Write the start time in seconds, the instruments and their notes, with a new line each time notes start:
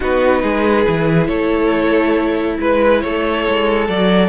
0.00 cello B3, viola D#4, violin F#4 B4
0.42 cello G#3, violin G#4
0.86 cello E3, viola E4
1.26 cello A3, violin A4 C#5
2.60 cello G#3, violin B4
3.01 cello A3, violin A4 C#5
3.48 cello G#3
3.87 cello F#3, viola F#4, violin D5